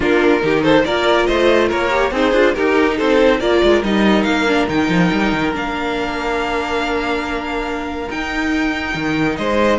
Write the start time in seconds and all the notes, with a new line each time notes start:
0.00 A#3 D4 F4 A#4
0.40 D#3 D#4 G4
0.62 A4 C5
0.84 A#3 F4 A#4 D5
1.25 A3 C5 D#5
1.68 A#3 A#4 C#5
1.90 G4
2.11 C4 D#4 G#4 C5
2.32 D4 F4
2.54 D#4 G4 A#4
2.97 C4 A4 C5
3.40 A#3 F4 A#4 D5
3.62 G#3
3.83 G3 D#4 D#5
4.23 A#3 F5
4.47 D4
4.67 D#3 D#4 G5
4.89 F3
5.11 G3
5.32 D#3
5.52 A#3 D4 F5
8.10 D#4 G5
8.94 D#3
9.36 G#3 C5 D#5